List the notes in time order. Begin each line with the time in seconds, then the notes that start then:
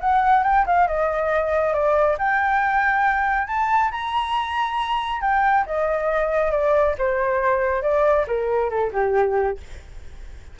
0.00 F#5
0.43 G5
0.66 F5
0.87 D#5
1.73 D5
2.18 G5
3.47 A5
3.91 A#5
5.21 G5
5.66 D#5
6.51 D5
6.98 C5
7.82 D5
8.27 A#4
8.70 A4
8.92 G4